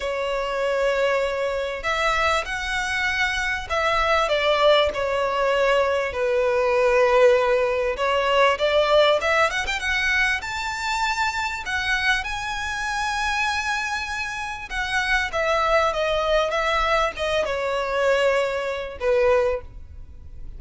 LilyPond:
\new Staff \with { instrumentName = "violin" } { \time 4/4 \tempo 4 = 98 cis''2. e''4 | fis''2 e''4 d''4 | cis''2 b'2~ | b'4 cis''4 d''4 e''8 fis''16 g''16 |
fis''4 a''2 fis''4 | gis''1 | fis''4 e''4 dis''4 e''4 | dis''8 cis''2~ cis''8 b'4 | }